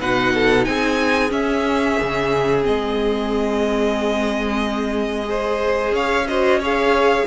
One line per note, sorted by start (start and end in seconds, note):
0.00 0.67 B2
0.00 1.29 D#4
0.00 0.33 B4
0.00 0.65 F#5
0.34 0.67 A4
0.65 1.31 C4
0.65 5.29 G#4
0.65 1.31 G#5
1.29 2.61 C#4
1.29 1.97 C#4
1.29 2.64 E5
2.01 2.67 C#3
2.63 5.92 G#3
2.63 5.26 C4
2.63 5.95 D#5
5.26 6.25 G#4
5.26 5.94 C5
5.92 7.24 C#4
5.92 6.27 C#5
5.92 6.28 F5
6.28 6.61 F#4
6.28 6.59 C5
6.28 6.61 D#5
6.59 7.27 G#4
6.59 7.25 C#5
6.59 7.27 F5